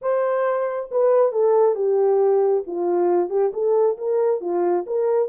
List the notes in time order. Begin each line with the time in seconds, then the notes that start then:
0.01 C5
0.91 B4
1.32 A4
1.75 G4
2.66 F4
3.29 G4
3.53 A4
3.97 A#4
4.40 F4
4.86 A#4